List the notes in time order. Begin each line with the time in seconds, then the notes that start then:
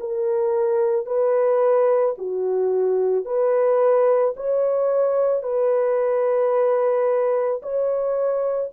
0.00 A#4
1.06 B4
2.18 F#4
3.25 B4
4.36 C#5
5.43 B4
7.62 C#5